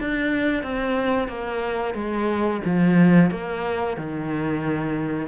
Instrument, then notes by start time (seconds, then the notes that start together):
cello
0.00 D4
0.63 C4
1.28 A#3
1.94 G#3
2.65 F3
3.30 A#3
3.97 D#3